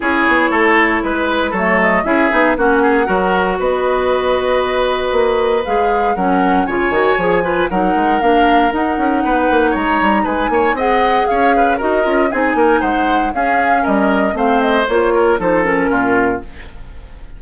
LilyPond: <<
  \new Staff \with { instrumentName = "flute" } { \time 4/4 \tempo 4 = 117 cis''2 b'4 cis''8 dis''8 | e''4 fis''2 dis''4~ | dis''2. f''4 | fis''4 gis''2 fis''4 |
f''4 fis''2 ais''4 | gis''4 fis''4 f''4 dis''4 | gis''4 fis''4 f''4 dis''4 | f''8 dis''8 cis''4 c''8 ais'4. | }
  \new Staff \with { instrumentName = "oboe" } { \time 4/4 gis'4 a'4 b'4 a'4 | gis'4 fis'8 gis'8 ais'4 b'4~ | b'1 | ais'4 cis''4. b'8 ais'4~ |
ais'2 b'4 cis''4 | b'8 cis''8 dis''4 cis''8 b'8 ais'4 | gis'8 ais'8 c''4 gis'4 ais'4 | c''4. ais'8 a'4 f'4 | }
  \new Staff \with { instrumentName = "clarinet" } { \time 4/4 e'2. a4 | e'8 dis'8 cis'4 fis'2~ | fis'2. gis'4 | cis'4 f'8 fis'8 gis'8 f'8 dis'4 |
d'4 dis'2.~ | dis'4 gis'2 fis'8 f'8 | dis'2 cis'2 | c'4 f'4 dis'8 cis'4. | }
  \new Staff \with { instrumentName = "bassoon" } { \time 4/4 cis'8 b8 a4 gis4 fis4 | cis'8 b8 ais4 fis4 b4~ | b2 ais4 gis4 | fis4 cis8 dis8 f4 fis8 gis8 |
ais4 dis'8 cis'8 b8 ais8 gis8 g8 | gis8 ais8 c'4 cis'4 dis'8 cis'8 | c'8 ais8 gis4 cis'4 g4 | a4 ais4 f4 ais,4 | }
>>